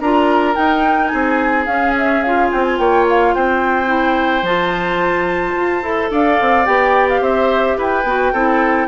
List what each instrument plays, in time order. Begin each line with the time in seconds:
0.00 bassoon D4, clarinet F4, oboe A#4, flute A#5
0.55 clarinet D#4, bassoon D#4, flute G5
1.07 bassoon C4, oboe G#4, flute G#5
1.66 bassoon C#4, clarinet C#4, flute F5
1.98 flute E5
2.22 clarinet F4, flute F5
2.51 bassoon C4, flute G5
2.63 flute G#5
2.78 bassoon A#3, oboe C#5, flute G5
3.09 flute F5
3.34 bassoon C4, oboe C5, flute G5
3.86 clarinet E4
4.42 bassoon F3, clarinet F4, flute A5
5.56 bassoon F4
5.82 bassoon E4, clarinet A4
6.10 bassoon D4, oboe D5, flute F5
6.40 bassoon C4
6.65 bassoon B3, clarinet G4, flute G5
7.09 flute F5
7.20 bassoon C4, oboe C5, flute E5
7.77 bassoon E4, oboe B4, flute G5
8.03 bassoon B3, clarinet F#4
8.32 bassoon C4, clarinet E4, oboe A4